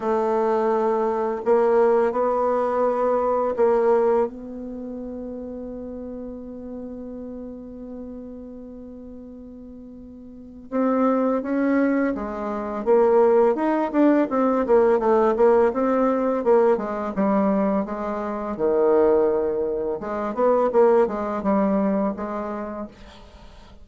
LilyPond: \new Staff \with { instrumentName = "bassoon" } { \time 4/4 \tempo 4 = 84 a2 ais4 b4~ | b4 ais4 b2~ | b1~ | b2. c'4 |
cis'4 gis4 ais4 dis'8 d'8 | c'8 ais8 a8 ais8 c'4 ais8 gis8 | g4 gis4 dis2 | gis8 b8 ais8 gis8 g4 gis4 | }